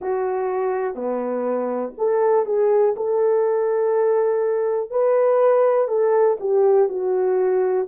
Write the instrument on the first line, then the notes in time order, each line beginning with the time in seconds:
horn
0.01 F#4
0.94 B3
1.97 A4
2.45 G#4
2.96 A4
4.90 B4
5.87 A4
6.39 G4
6.89 F#4